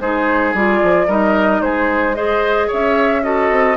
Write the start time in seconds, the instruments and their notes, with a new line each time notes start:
0.00 bassoon G#3, clarinet D#4, oboe G#4, flute C5
0.54 bassoon G3, clarinet F4, flute D5
0.83 bassoon F3
1.07 bassoon G3, clarinet D#4, oboe A#4, flute D#5
1.61 bassoon G#3, oboe G#4, flute C5
2.15 clarinet G#4, oboe C5, flute D#5
2.67 bassoon C#4, oboe C#5, flute E5
3.23 clarinet F#4, oboe A4, flute D#5
3.50 bassoon C4